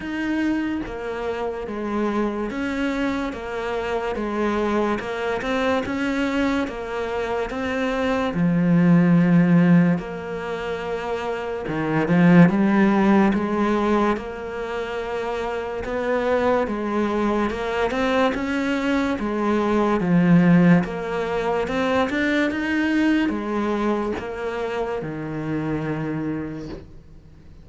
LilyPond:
\new Staff \with { instrumentName = "cello" } { \time 4/4 \tempo 4 = 72 dis'4 ais4 gis4 cis'4 | ais4 gis4 ais8 c'8 cis'4 | ais4 c'4 f2 | ais2 dis8 f8 g4 |
gis4 ais2 b4 | gis4 ais8 c'8 cis'4 gis4 | f4 ais4 c'8 d'8 dis'4 | gis4 ais4 dis2 | }